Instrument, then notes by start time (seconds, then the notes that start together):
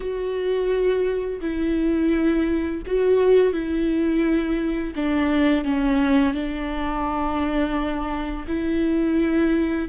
viola
0.00 F#4
1.41 E4
2.86 F#4
3.53 E4
4.95 D4
5.64 C#4
6.33 D4
8.47 E4